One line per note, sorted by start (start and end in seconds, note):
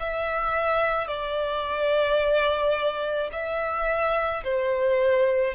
0.00 1.08 E5
1.08 3.30 D5
3.32 4.43 E5
4.44 5.55 C5